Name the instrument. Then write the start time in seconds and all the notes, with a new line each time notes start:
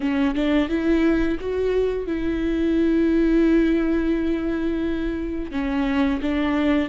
viola
0.00 C#4
0.34 D4
0.69 E4
1.39 F#4
2.07 E4
5.51 C#4
6.21 D4